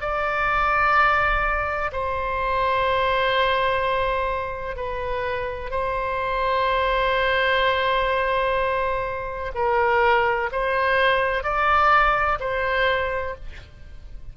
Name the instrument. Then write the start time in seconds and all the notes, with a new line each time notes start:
oboe
0.00 D5
1.92 C5
4.76 B4
5.70 C5
9.54 A#4
10.52 C5
11.43 D5
12.39 C5